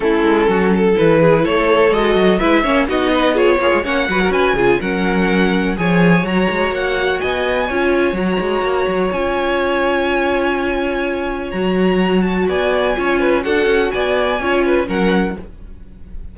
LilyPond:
<<
  \new Staff \with { instrumentName = "violin" } { \time 4/4 \tempo 4 = 125 a'2 b'4 cis''4 | dis''4 e''4 dis''4 cis''4 | fis''4 gis''4 fis''2 | gis''4 ais''4 fis''4 gis''4~ |
gis''4 ais''2 gis''4~ | gis''1 | ais''4. a''8 gis''2 | fis''4 gis''2 fis''4 | }
  \new Staff \with { instrumentName = "violin" } { \time 4/4 e'4 fis'8 a'4 gis'8 a'4~ | a'4 b'8 cis''8 fis'8 b'8 gis'8 f'8 | cis''8 b'16 ais'16 b'8 gis'8 ais'2 | cis''2. dis''4 |
cis''1~ | cis''1~ | cis''2 d''4 cis''8 b'8 | a'4 d''4 cis''8 b'8 ais'4 | }
  \new Staff \with { instrumentName = "viola" } { \time 4/4 cis'2 e'2 | fis'4 e'8 cis'8 dis'4 f'8 gis'8 | cis'8 fis'4 f'8 cis'2 | gis'4 fis'2. |
f'4 fis'2 f'4~ | f'1 | fis'2. f'4 | fis'2 f'4 cis'4 | }
  \new Staff \with { instrumentName = "cello" } { \time 4/4 a8 gis8 fis4 e4 a4 | gis8 fis8 gis8 ais8 b4. ais16 gis16 | ais8 fis8 cis'8 cis8 fis2 | f4 fis8 gis8 ais4 b4 |
cis'4 fis8 gis8 ais8 fis8 cis'4~ | cis'1 | fis2 b4 cis'4 | d'8 cis'8 b4 cis'4 fis4 | }
>>